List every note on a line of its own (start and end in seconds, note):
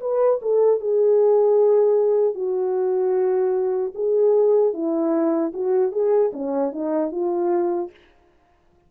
0.00 0.39 B4
0.42 0.80 A4
0.80 2.34 G#4
2.34 3.92 F#4
3.94 4.73 G#4
4.73 5.52 E4
5.53 5.92 F#4
5.92 6.31 G#4
6.33 6.72 C#4
6.72 7.11 D#4
7.11 7.90 F4